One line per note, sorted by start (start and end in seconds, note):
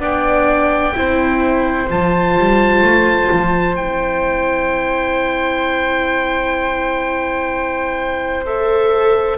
0.00 0.94 B3
0.00 0.94 D4
0.00 0.94 D5
0.00 1.91 G5
0.95 1.90 C4
0.95 1.89 E4
0.95 9.38 C5
1.90 2.38 F3
1.90 3.77 F4
1.90 3.77 A5
2.38 2.82 G3
2.82 3.29 A3
3.32 3.79 F3
3.77 9.38 C4
3.77 8.46 E4
3.77 8.45 G5
8.46 9.38 A4
8.46 9.38 E5